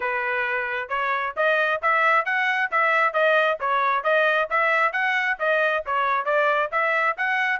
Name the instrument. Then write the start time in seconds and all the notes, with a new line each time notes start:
trumpet
0.00 B4
0.88 C#5
1.36 D#5
1.82 E5
2.25 F#5
2.71 E5
3.13 D#5
3.60 C#5
4.03 D#5
4.50 E5
4.92 F#5
5.39 D#5
5.85 C#5
6.25 D5
6.71 E5
7.17 F#5